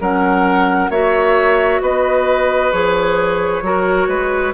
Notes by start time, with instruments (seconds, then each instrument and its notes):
0.00 bassoon F#3, clarinet C#4, oboe A#4, flute F#5
0.89 bassoon A#3, clarinet F#4, oboe C#5, flute E5
1.81 bassoon B3, oboe B4, flute D#5
2.71 bassoon F3, clarinet G#4, flute C#5
3.62 bassoon F#3, clarinet F#4, oboe A#4
4.07 bassoon G#3, oboe B4